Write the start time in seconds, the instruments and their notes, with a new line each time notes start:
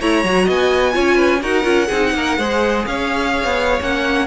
0.00 cello A3, viola E4, violin C#5 A#5
0.24 cello F#3, viola F#4
0.45 cello B3, violin D#5 G#5
0.92 cello C#4, viola F4, violin C#5
1.15 violin B4
1.41 cello D#4, viola F#4, violin A#4 F#5
1.63 cello C#4, viola F4
1.87 cello C4, viola D#4, violin G#4
2.14 cello A#3, violin A#4
2.37 cello G#3, viola G#4, violin C5
2.86 cello C#4, violin C#5 F5
3.44 cello B3
3.81 cello A#3, viola C#4, violin F#5